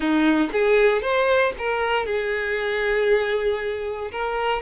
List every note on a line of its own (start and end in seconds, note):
0.00 0.50 D#4
0.52 1.01 G#4
1.01 1.53 C5
1.58 2.06 A#4
2.06 4.11 G#4
4.11 4.62 A#4